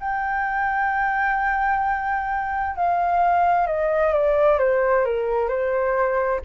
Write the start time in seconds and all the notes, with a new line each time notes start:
0.00 G5
2.76 F5
3.67 D#5
4.13 D5
4.59 C5
5.05 A#4
5.48 C5